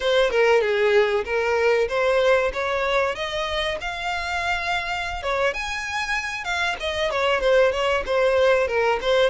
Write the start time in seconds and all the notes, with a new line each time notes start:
0.00 C5
0.30 A#4
0.61 G#4
1.25 A#4
1.88 C5
2.53 C#5
3.15 D#5
3.81 F5
5.22 C#5
5.53 G#5
6.44 F5
6.80 D#5
7.11 C#5
7.40 C5
7.72 C#5
8.06 C5
8.67 A#4
9.01 C5